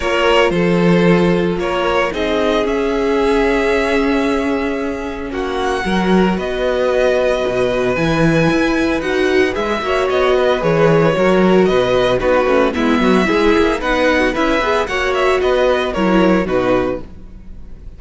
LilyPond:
<<
  \new Staff \with { instrumentName = "violin" } { \time 4/4 \tempo 4 = 113 cis''4 c''2 cis''4 | dis''4 e''2.~ | e''2 fis''2 | dis''2. gis''4~ |
gis''4 fis''4 e''4 dis''4 | cis''2 dis''4 b'4 | e''2 fis''4 e''4 | fis''8 e''8 dis''4 cis''4 b'4 | }
  \new Staff \with { instrumentName = "violin" } { \time 4/4 ais'4 a'2 ais'4 | gis'1~ | gis'2 fis'4 ais'4 | b'1~ |
b'2~ b'8 cis''4 b'8~ | b'4 ais'4 b'4 fis'4 | e'8 fis'8 gis'4 b'8. fis'16 b'4 | cis''4 b'4 ais'4 fis'4 | }
  \new Staff \with { instrumentName = "viola" } { \time 4/4 f'1 | dis'4 cis'2.~ | cis'2. fis'4~ | fis'2. e'4~ |
e'4 fis'4 gis'8 fis'4. | gis'4 fis'2 dis'8 cis'8 | b4 e'4 dis'4 e'8 gis'8 | fis'2 e'4 dis'4 | }
  \new Staff \with { instrumentName = "cello" } { \time 4/4 ais4 f2 ais4 | c'4 cis'2.~ | cis'2 ais4 fis4 | b2 b,4 e4 |
e'4 dis'4 gis8 ais8 b4 | e4 fis4 b,4 b8 a8 | gis8 fis8 gis8 ais8 b4 cis'8 b8 | ais4 b4 fis4 b,4 | }
>>